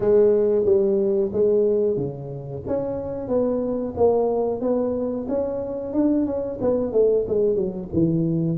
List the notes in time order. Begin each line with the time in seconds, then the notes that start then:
0.00 G#3
0.65 G3
1.32 G#3
1.96 C#3
2.67 C#4
3.28 B3
3.97 A#3
4.60 B3
5.28 C#4
5.93 D4
6.25 C#4
6.61 B3
6.92 A3
7.28 G#3
7.55 F#3
7.93 E3